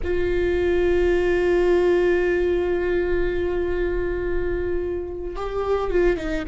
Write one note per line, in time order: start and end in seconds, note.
0.03 5.36 F4
5.36 5.90 G4
5.90 6.17 F4
6.17 6.44 D#4